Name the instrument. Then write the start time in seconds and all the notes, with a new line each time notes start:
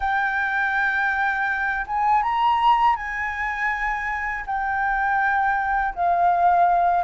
flute
0.00 G5
1.87 G#5
2.23 A#5
2.96 G#5
4.46 G5
5.94 F5